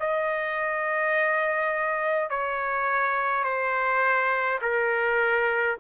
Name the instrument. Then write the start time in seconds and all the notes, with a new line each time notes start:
trumpet
0.00 D#5
2.30 C#5
3.44 C5
4.62 A#4